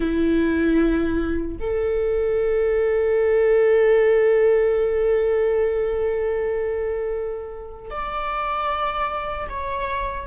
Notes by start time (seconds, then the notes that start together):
0.00 E4
1.60 A4
7.90 D5
9.49 C#5